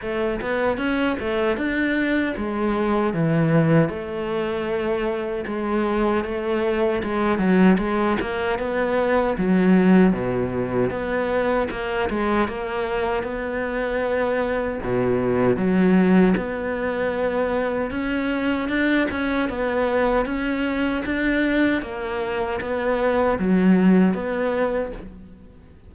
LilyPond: \new Staff \with { instrumentName = "cello" } { \time 4/4 \tempo 4 = 77 a8 b8 cis'8 a8 d'4 gis4 | e4 a2 gis4 | a4 gis8 fis8 gis8 ais8 b4 | fis4 b,4 b4 ais8 gis8 |
ais4 b2 b,4 | fis4 b2 cis'4 | d'8 cis'8 b4 cis'4 d'4 | ais4 b4 fis4 b4 | }